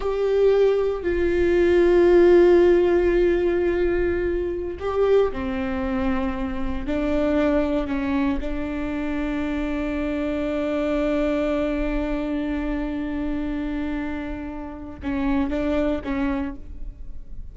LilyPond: \new Staff \with { instrumentName = "viola" } { \time 4/4 \tempo 4 = 116 g'2 f'2~ | f'1~ | f'4~ f'16 g'4 c'4.~ c'16~ | c'4~ c'16 d'2 cis'8.~ |
cis'16 d'2.~ d'8.~ | d'1~ | d'1~ | d'4 cis'4 d'4 cis'4 | }